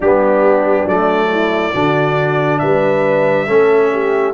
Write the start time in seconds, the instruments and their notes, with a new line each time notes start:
0.00 tuba G3, trombone B3, horn D4, trumpet G4
0.86 tuba F#3, trombone A3, trumpet D5
1.30 horn E4
1.72 tuba D3, trombone D4, horn F#4
2.59 tuba G3, horn B4, trumpet E5
3.47 tuba A3, trombone C#4, horn A4
3.93 horn G4